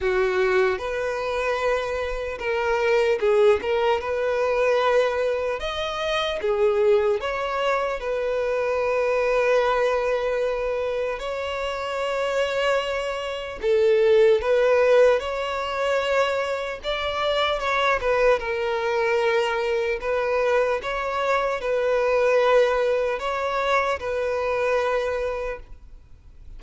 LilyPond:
\new Staff \with { instrumentName = "violin" } { \time 4/4 \tempo 4 = 75 fis'4 b'2 ais'4 | gis'8 ais'8 b'2 dis''4 | gis'4 cis''4 b'2~ | b'2 cis''2~ |
cis''4 a'4 b'4 cis''4~ | cis''4 d''4 cis''8 b'8 ais'4~ | ais'4 b'4 cis''4 b'4~ | b'4 cis''4 b'2 | }